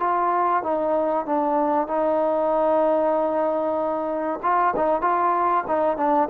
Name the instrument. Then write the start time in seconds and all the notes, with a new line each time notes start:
trombone
0.00 F4
0.63 D#4
1.26 D4
1.87 D#4
4.43 F4
4.76 D#4
5.01 F4
5.68 D#4
5.97 D4